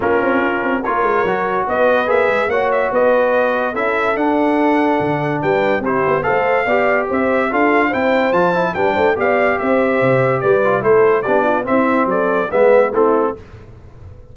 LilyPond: <<
  \new Staff \with { instrumentName = "trumpet" } { \time 4/4 \tempo 4 = 144 ais'2 cis''2 | dis''4 e''4 fis''8 e''8 dis''4~ | dis''4 e''4 fis''2~ | fis''4 g''4 c''4 f''4~ |
f''4 e''4 f''4 g''4 | a''4 g''4 f''4 e''4~ | e''4 d''4 c''4 d''4 | e''4 d''4 e''4 a'4 | }
  \new Staff \with { instrumentName = "horn" } { \time 4/4 f'2 ais'2 | b'2 cis''4 b'4~ | b'4 a'2.~ | a'4 b'4 g'4 c''4 |
d''4 c''4 a'4 c''4~ | c''4 b'8 c''8 d''4 c''4~ | c''4 b'4 a'4 g'8 f'8 | e'4 a'4 b'4 e'4 | }
  \new Staff \with { instrumentName = "trombone" } { \time 4/4 cis'2 f'4 fis'4~ | fis'4 gis'4 fis'2~ | fis'4 e'4 d'2~ | d'2 e'4 a'4 |
g'2 f'4 e'4 | f'8 e'8 d'4 g'2~ | g'4. f'8 e'4 d'4 | c'2 b4 c'4 | }
  \new Staff \with { instrumentName = "tuba" } { \time 4/4 ais8 c'8 cis'8 c'8 ais8 gis8 fis4 | b4 ais8 gis8 ais4 b4~ | b4 cis'4 d'2 | d4 g4 c'8 b8 a4 |
b4 c'4 d'4 c'4 | f4 g8 a8 b4 c'4 | c4 g4 a4 b4 | c'4 fis4 gis4 a4 | }
>>